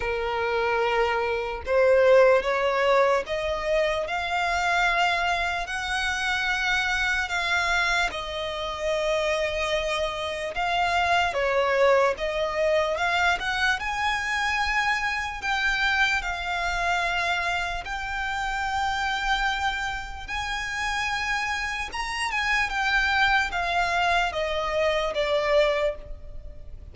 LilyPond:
\new Staff \with { instrumentName = "violin" } { \time 4/4 \tempo 4 = 74 ais'2 c''4 cis''4 | dis''4 f''2 fis''4~ | fis''4 f''4 dis''2~ | dis''4 f''4 cis''4 dis''4 |
f''8 fis''8 gis''2 g''4 | f''2 g''2~ | g''4 gis''2 ais''8 gis''8 | g''4 f''4 dis''4 d''4 | }